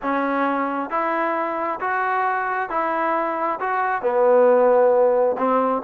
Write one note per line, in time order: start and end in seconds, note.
0.02 0.90 C#4
0.90 1.79 E4
1.80 2.69 F#4
2.69 3.59 E4
3.60 4.02 F#4
4.02 5.36 B3
5.37 5.82 C4